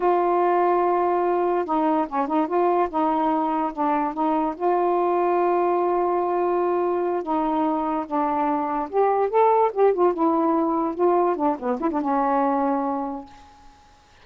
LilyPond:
\new Staff \with { instrumentName = "saxophone" } { \time 4/4 \tempo 4 = 145 f'1 | dis'4 cis'8 dis'8 f'4 dis'4~ | dis'4 d'4 dis'4 f'4~ | f'1~ |
f'4. dis'2 d'8~ | d'4. g'4 a'4 g'8 | f'8 e'2 f'4 d'8 | b8 e'16 d'16 cis'2. | }